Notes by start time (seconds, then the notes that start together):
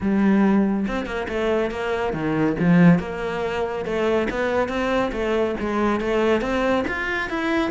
0.00 G3
0.87 C4
1.06 A#3
1.28 A3
1.70 A#3
2.13 D#3
2.59 F3
2.99 A#3
3.85 A3
4.30 B3
4.68 C4
5.12 A3
5.60 G#3
6.00 A3
6.41 C4
6.87 F4
7.29 E4